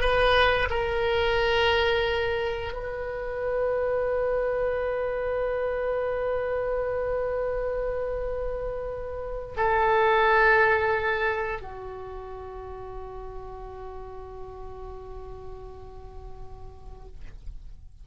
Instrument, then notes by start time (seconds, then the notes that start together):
oboe
0.00 B4
0.70 A#4
2.73 B4
9.57 A4
11.62 F#4